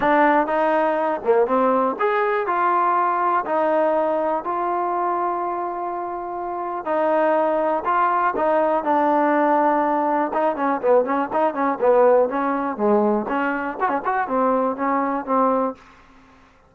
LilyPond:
\new Staff \with { instrumentName = "trombone" } { \time 4/4 \tempo 4 = 122 d'4 dis'4. ais8 c'4 | gis'4 f'2 dis'4~ | dis'4 f'2.~ | f'2 dis'2 |
f'4 dis'4 d'2~ | d'4 dis'8 cis'8 b8 cis'8 dis'8 cis'8 | b4 cis'4 gis4 cis'4 | fis'16 cis'16 fis'8 c'4 cis'4 c'4 | }